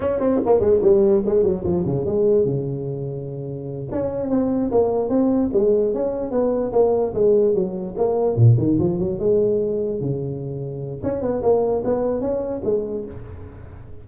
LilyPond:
\new Staff \with { instrumentName = "tuba" } { \time 4/4 \tempo 4 = 147 cis'8 c'8 ais8 gis8 g4 gis8 fis8 | f8 cis8 gis4 cis2~ | cis4. cis'4 c'4 ais8~ | ais8 c'4 gis4 cis'4 b8~ |
b8 ais4 gis4 fis4 ais8~ | ais8 ais,8 dis8 f8 fis8 gis4.~ | gis8 cis2~ cis8 cis'8 b8 | ais4 b4 cis'4 gis4 | }